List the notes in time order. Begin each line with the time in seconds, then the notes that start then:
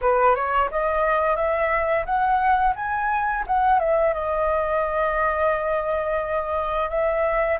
0.01 B4
0.34 C#5
0.71 D#5
1.36 E5
2.05 F#5
2.75 G#5
3.46 F#5
3.79 E5
4.13 D#5
6.89 E5